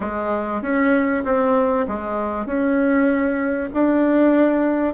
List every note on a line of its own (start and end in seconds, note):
0.00 0.62 G#3
0.62 1.23 C#4
1.24 1.86 C4
1.87 2.46 G#3
2.46 3.69 C#4
3.73 4.93 D4